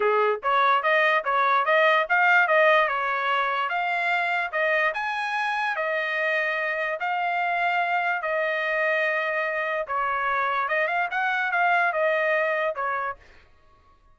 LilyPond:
\new Staff \with { instrumentName = "trumpet" } { \time 4/4 \tempo 4 = 146 gis'4 cis''4 dis''4 cis''4 | dis''4 f''4 dis''4 cis''4~ | cis''4 f''2 dis''4 | gis''2 dis''2~ |
dis''4 f''2. | dis''1 | cis''2 dis''8 f''8 fis''4 | f''4 dis''2 cis''4 | }